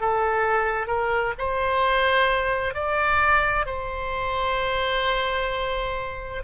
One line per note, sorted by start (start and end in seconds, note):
0.00 0.87 A4
0.87 1.33 A#4
1.38 2.74 C5
2.74 3.66 D5
3.66 6.43 C5